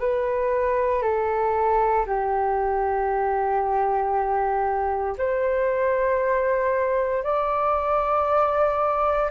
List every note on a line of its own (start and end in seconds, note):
0.00 1.02 B4
1.02 2.05 A4
2.06 5.17 G4
5.18 7.24 C5
7.24 9.31 D5